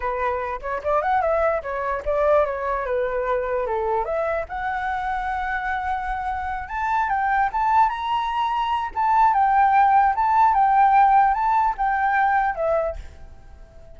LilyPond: \new Staff \with { instrumentName = "flute" } { \time 4/4 \tempo 4 = 148 b'4. cis''8 d''8 fis''8 e''4 | cis''4 d''4 cis''4 b'4~ | b'4 a'4 e''4 fis''4~ | fis''1~ |
fis''8 a''4 g''4 a''4 ais''8~ | ais''2 a''4 g''4~ | g''4 a''4 g''2 | a''4 g''2 e''4 | }